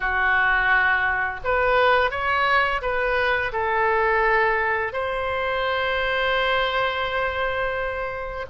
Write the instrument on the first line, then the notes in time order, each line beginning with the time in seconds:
oboe
0.00 F#4
1.43 B4
2.10 C#5
2.81 B4
3.52 A4
4.93 C5